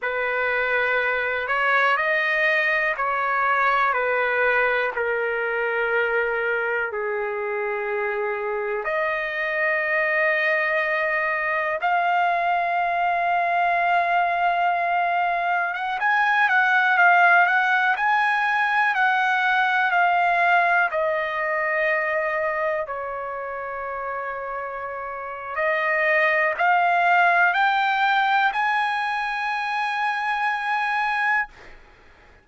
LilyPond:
\new Staff \with { instrumentName = "trumpet" } { \time 4/4 \tempo 4 = 61 b'4. cis''8 dis''4 cis''4 | b'4 ais'2 gis'4~ | gis'4 dis''2. | f''1 |
fis''16 gis''8 fis''8 f''8 fis''8 gis''4 fis''8.~ | fis''16 f''4 dis''2 cis''8.~ | cis''2 dis''4 f''4 | g''4 gis''2. | }